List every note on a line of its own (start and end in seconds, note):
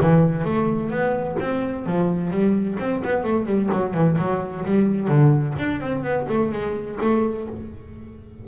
0.00 0.44 E3
0.44 0.90 A3
0.90 1.36 B3
1.39 1.86 C4
1.86 2.30 F3
2.30 2.77 G3
2.79 3.02 C4
3.04 3.23 B3
3.23 3.46 A3
3.46 3.69 G3
3.72 3.93 F#3
3.93 4.17 E3
4.18 4.64 F#3
4.64 5.07 G3
5.07 5.54 D3
5.58 5.80 D4
5.80 6.03 C4
6.03 6.26 B3
6.28 6.51 A3
6.52 6.98 G#3
7.00 7.47 A3